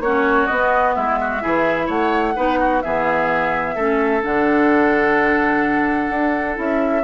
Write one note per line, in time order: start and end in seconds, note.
0.00 0.47 A#3
0.00 0.50 C#4
0.00 0.95 F#4
0.00 0.46 C#5
0.46 1.41 B3
0.46 0.97 B3
0.46 0.93 D#5
0.95 1.43 G#3
0.95 1.19 E4
0.95 1.89 E5
1.21 1.42 F#4
1.41 1.89 E3
1.41 2.34 E4
1.41 1.86 G#4
1.86 2.35 A3
1.86 2.33 C#5
1.86 2.81 F#5
2.36 2.84 B3
2.36 2.83 D#4
2.36 2.59 B4
2.59 2.83 F#4
2.81 3.76 E3
2.81 3.78 B3
2.81 3.75 G#4
2.81 4.22 E5
3.75 4.23 A3
3.75 4.22 C#4
3.75 7.03 A4
4.22 6.10 D3
4.22 6.55 D4
4.22 6.59 F#5
6.10 6.57 D4
6.55 7.04 C#4
6.55 7.02 E4
6.55 7.04 E5